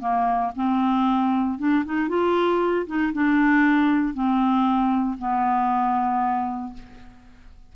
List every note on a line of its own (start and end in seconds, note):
0.00 0.52 A#3
0.55 1.59 C4
1.59 1.85 D4
1.85 2.09 D#4
2.09 2.86 F4
2.87 3.13 D#4
3.13 4.14 D4
4.14 5.17 C4
5.18 6.74 B3